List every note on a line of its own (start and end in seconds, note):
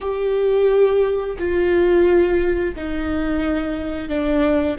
0.01 1.37 G4
1.38 2.75 F4
2.75 4.08 D#4
4.08 4.77 D4